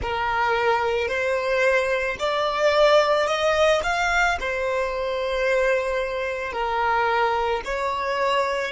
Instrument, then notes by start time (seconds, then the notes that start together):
violin
0.01 A#4
1.08 C5
2.19 D5
3.26 D#5
3.83 F5
4.39 C5
6.52 A#4
7.64 C#5